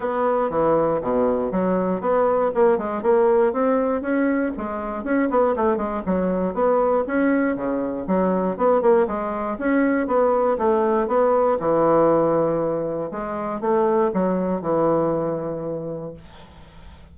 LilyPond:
\new Staff \with { instrumentName = "bassoon" } { \time 4/4 \tempo 4 = 119 b4 e4 b,4 fis4 | b4 ais8 gis8 ais4 c'4 | cis'4 gis4 cis'8 b8 a8 gis8 | fis4 b4 cis'4 cis4 |
fis4 b8 ais8 gis4 cis'4 | b4 a4 b4 e4~ | e2 gis4 a4 | fis4 e2. | }